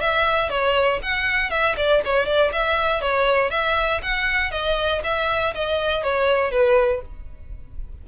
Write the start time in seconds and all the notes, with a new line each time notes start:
0.00 E5
0.49 C#5
1.02 F#5
1.50 E5
1.76 D5
2.04 C#5
2.26 D5
2.52 E5
3.01 C#5
3.50 E5
4.02 F#5
4.51 D#5
5.03 E5
5.54 D#5
6.03 C#5
6.51 B4